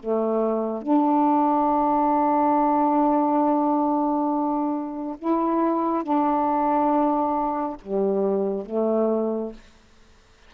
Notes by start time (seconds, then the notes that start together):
0.00 A3
0.82 D4
5.19 E4
6.04 D4
7.82 G3
8.66 A3